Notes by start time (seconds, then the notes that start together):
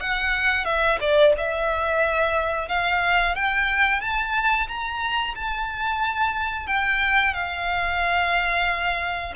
0.00 F#5
0.65 E5
1.00 D5
1.37 E5
2.68 F5
3.35 G5
4.00 A5
4.68 A#5
5.35 A5
6.67 G5
7.33 F5